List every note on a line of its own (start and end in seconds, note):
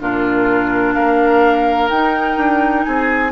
0.00 0.96 A#2
0.00 1.90 D4
0.00 0.95 F4
0.00 0.94 A#4
0.94 1.90 A#3
0.94 2.85 A#4
0.94 1.89 F5
1.89 2.37 D#4
1.89 3.32 D#4
1.89 2.85 G5
2.37 2.85 D4
2.85 3.32 C4
2.85 3.32 G#4
2.85 3.32 G#5